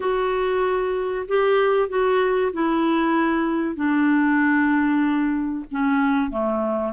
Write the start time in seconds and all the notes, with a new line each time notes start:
0.00 F#4
1.27 G4
1.88 F#4
2.53 E4
3.75 D4
5.71 C#4
6.30 A3